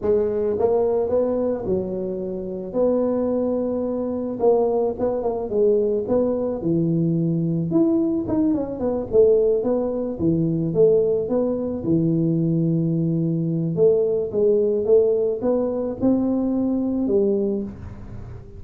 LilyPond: \new Staff \with { instrumentName = "tuba" } { \time 4/4 \tempo 4 = 109 gis4 ais4 b4 fis4~ | fis4 b2. | ais4 b8 ais8 gis4 b4 | e2 e'4 dis'8 cis'8 |
b8 a4 b4 e4 a8~ | a8 b4 e2~ e8~ | e4 a4 gis4 a4 | b4 c'2 g4 | }